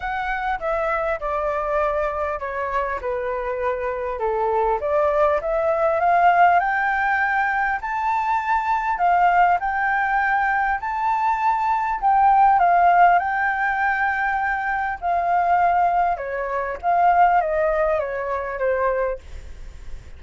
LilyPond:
\new Staff \with { instrumentName = "flute" } { \time 4/4 \tempo 4 = 100 fis''4 e''4 d''2 | cis''4 b'2 a'4 | d''4 e''4 f''4 g''4~ | g''4 a''2 f''4 |
g''2 a''2 | g''4 f''4 g''2~ | g''4 f''2 cis''4 | f''4 dis''4 cis''4 c''4 | }